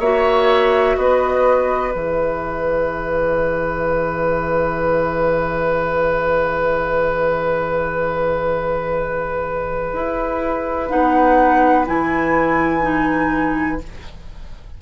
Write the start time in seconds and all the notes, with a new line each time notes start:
0.00 A#3 F#4 C#5 E5
0.97 B3 B4 D#5
1.92 E3 G#4 E5
9.94 E4
10.89 B3 D#4 F#5
11.86 E3 E4 G#5
12.82 D#4